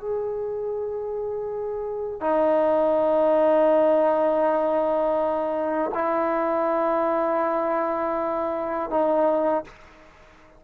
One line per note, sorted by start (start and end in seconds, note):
0.00 2.21 G#4
2.21 5.91 D#4
5.94 8.90 E4
8.90 9.64 D#4